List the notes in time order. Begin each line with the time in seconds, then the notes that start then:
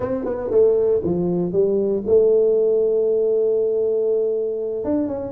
0.00 C4
0.24 B3
0.50 A3
1.03 F3
1.52 G3
2.06 A3
4.84 D4
5.07 C#4